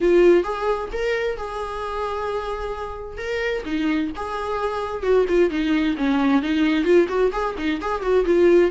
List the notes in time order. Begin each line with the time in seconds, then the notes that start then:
0.01 F4
0.43 G#4
0.92 A#4
1.37 G#4
3.17 A#4
3.65 D#4
4.16 G#4
5.03 F#4
5.28 F4
5.50 D#4
5.97 C#4
6.41 D#4
6.84 F4
7.08 F#4
7.32 G#4
7.57 D#4
7.81 G#4
8.02 F#4
8.25 F4